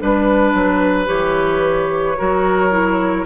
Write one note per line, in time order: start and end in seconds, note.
0.00 0.54 G3
0.00 1.06 D4
0.00 1.07 B4
0.00 2.18 B4
0.54 1.08 F#3
1.06 2.17 E3
1.06 2.15 G4
1.06 3.25 C#5
2.17 3.26 F#3
2.17 2.70 F#4
2.17 3.26 A#4
2.70 3.25 E4